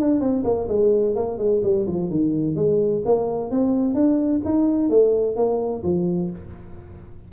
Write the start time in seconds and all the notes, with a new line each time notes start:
0.00 D4
0.20 C4
0.44 A#3
0.69 G#3
1.15 A#3
1.38 G#3
1.63 G3
1.87 F3
2.10 D#3
2.56 G#3
3.05 A#3
3.51 C4
3.95 D4
4.45 D#4
4.90 A3
5.36 A#3
5.83 F3